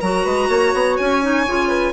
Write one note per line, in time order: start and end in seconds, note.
0.00 0.25 F#3
0.00 1.21 F#4
0.00 0.23 A#4
0.00 0.96 A#5
0.23 0.48 G#3
0.23 0.47 B4
0.48 0.72 A#3
0.48 1.67 C#5
0.73 0.97 B3
0.97 1.46 C#4
0.97 1.93 G#5
1.21 1.45 D#4
1.46 1.93 C#3
1.46 1.93 F4
1.67 1.91 B4